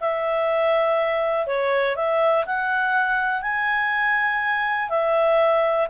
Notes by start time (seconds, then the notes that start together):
0.00 E5
1.47 C#5
1.96 E5
2.46 F#5
3.42 G#5
4.90 E5